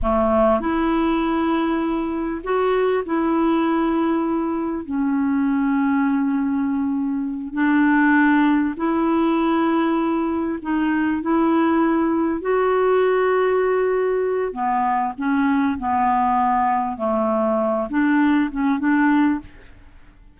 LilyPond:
\new Staff \with { instrumentName = "clarinet" } { \time 4/4 \tempo 4 = 99 a4 e'2. | fis'4 e'2. | cis'1~ | cis'8 d'2 e'4.~ |
e'4. dis'4 e'4.~ | e'8 fis'2.~ fis'8 | b4 cis'4 b2 | a4. d'4 cis'8 d'4 | }